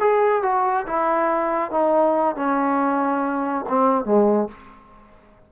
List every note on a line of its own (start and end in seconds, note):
0.00 0.43 G#4
0.43 0.86 F#4
0.87 1.71 E4
1.71 2.36 D#4
2.36 3.65 C#4
3.69 4.05 C4
4.05 4.49 G#3